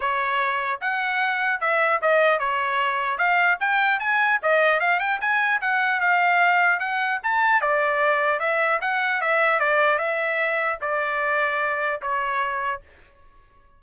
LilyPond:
\new Staff \with { instrumentName = "trumpet" } { \time 4/4 \tempo 4 = 150 cis''2 fis''2 | e''4 dis''4 cis''2 | f''4 g''4 gis''4 dis''4 | f''8 g''8 gis''4 fis''4 f''4~ |
f''4 fis''4 a''4 d''4~ | d''4 e''4 fis''4 e''4 | d''4 e''2 d''4~ | d''2 cis''2 | }